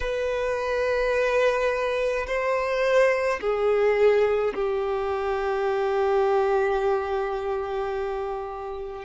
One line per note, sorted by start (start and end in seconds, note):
0.00 2.26 B4
2.26 3.40 C5
3.40 4.53 G#4
4.54 9.04 G4